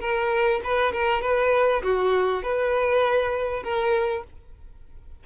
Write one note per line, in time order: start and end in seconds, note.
0.00 0.61 A#4
0.64 0.93 B4
0.93 1.22 A#4
1.22 1.82 B4
1.83 2.43 F#4
2.43 3.63 B4
3.63 4.24 A#4